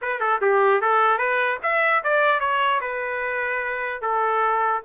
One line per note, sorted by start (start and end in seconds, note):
0.01 0.20 B4
0.20 0.40 A4
0.41 0.81 G4
0.81 1.18 A4
1.18 1.58 B4
1.63 2.03 E5
2.03 2.40 D5
2.40 2.80 C#5
2.80 4.01 B4
4.01 4.82 A4